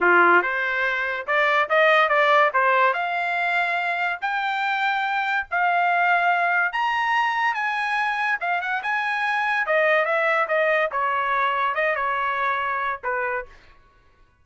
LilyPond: \new Staff \with { instrumentName = "trumpet" } { \time 4/4 \tempo 4 = 143 f'4 c''2 d''4 | dis''4 d''4 c''4 f''4~ | f''2 g''2~ | g''4 f''2. |
ais''2 gis''2 | f''8 fis''8 gis''2 dis''4 | e''4 dis''4 cis''2 | dis''8 cis''2~ cis''8 b'4 | }